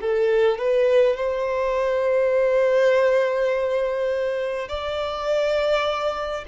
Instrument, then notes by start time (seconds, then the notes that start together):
violin
0.00 A4
0.58 B4
1.16 C5
4.68 D5